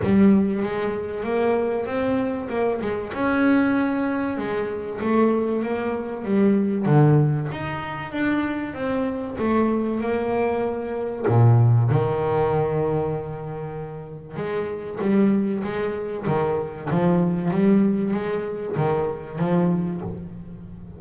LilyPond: \new Staff \with { instrumentName = "double bass" } { \time 4/4 \tempo 4 = 96 g4 gis4 ais4 c'4 | ais8 gis8 cis'2 gis4 | a4 ais4 g4 d4 | dis'4 d'4 c'4 a4 |
ais2 ais,4 dis4~ | dis2. gis4 | g4 gis4 dis4 f4 | g4 gis4 dis4 f4 | }